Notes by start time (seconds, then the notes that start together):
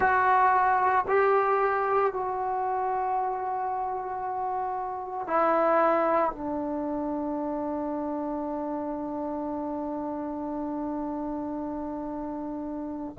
0.00 F#4
1.08 G4
2.13 F#4
5.27 E4
6.32 D4